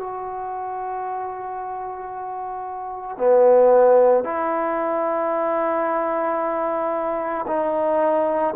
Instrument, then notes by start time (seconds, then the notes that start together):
trombone
0.00 F#4
3.18 B3
4.25 E4
7.48 D#4